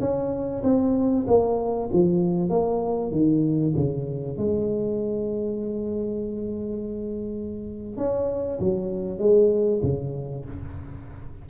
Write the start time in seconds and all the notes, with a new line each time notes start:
0.00 C#4
0.63 C4
1.27 A#3
1.92 F3
2.49 A#3
3.11 D#3
3.76 C#3
4.37 G#3
7.97 C#4
8.60 F#3
9.18 G#3
9.82 C#3